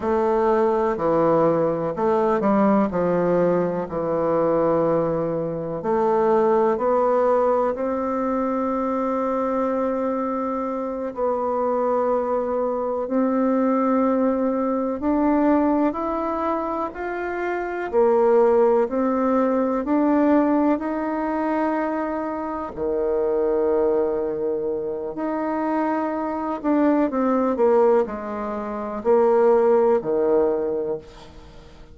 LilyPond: \new Staff \with { instrumentName = "bassoon" } { \time 4/4 \tempo 4 = 62 a4 e4 a8 g8 f4 | e2 a4 b4 | c'2.~ c'8 b8~ | b4. c'2 d'8~ |
d'8 e'4 f'4 ais4 c'8~ | c'8 d'4 dis'2 dis8~ | dis2 dis'4. d'8 | c'8 ais8 gis4 ais4 dis4 | }